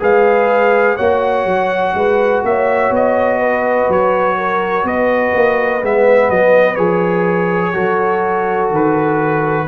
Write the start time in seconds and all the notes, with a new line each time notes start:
0.00 G#3 G#4 B4 F5
0.96 A#3 F#4 C#5 F#5
1.45 F#3
1.94 G#3 B4
2.44 A#3 C#5 E5
2.90 B3 D#5
3.40 B4
3.89 F#3 C#5
4.37 A#4
4.84 B3 B4 D#5
5.34 A#3
5.82 G#3 B3 E5
6.30 F#3 D#5
6.76 F3 G#4 C#5
7.73 F#3 F#4 A4
8.71 D#3 B4